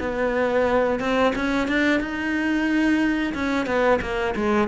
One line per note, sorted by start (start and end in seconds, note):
0.00 1.00 B3
1.00 1.33 C4
1.35 1.68 C#4
1.68 2.00 D4
2.00 3.34 D#4
3.34 3.66 C#4
3.66 3.99 B3
4.02 4.35 A#3
4.36 4.68 G#3